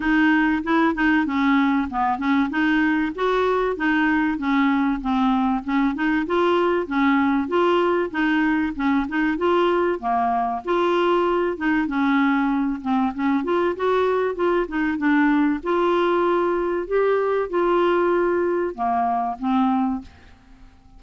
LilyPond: \new Staff \with { instrumentName = "clarinet" } { \time 4/4 \tempo 4 = 96 dis'4 e'8 dis'8 cis'4 b8 cis'8 | dis'4 fis'4 dis'4 cis'4 | c'4 cis'8 dis'8 f'4 cis'4 | f'4 dis'4 cis'8 dis'8 f'4 |
ais4 f'4. dis'8 cis'4~ | cis'8 c'8 cis'8 f'8 fis'4 f'8 dis'8 | d'4 f'2 g'4 | f'2 ais4 c'4 | }